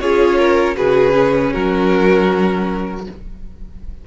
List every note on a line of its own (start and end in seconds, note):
0.00 0.77 C#4
0.00 0.75 F4
0.00 0.38 G#4
0.00 0.76 C#5
0.38 0.76 A#4
0.75 1.54 C#3
0.75 1.12 F#4
0.75 1.53 G#4
0.75 1.53 B4
1.12 3.02 C#4
1.53 3.06 F#3
1.53 3.05 F#4
1.53 3.04 A#4